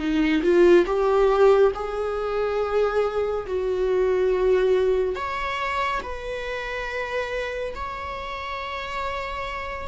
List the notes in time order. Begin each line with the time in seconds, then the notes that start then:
0.00 D#4
0.43 F4
0.86 G4
1.75 G#4
3.47 F#4
5.16 C#5
6.03 B4
7.76 C#5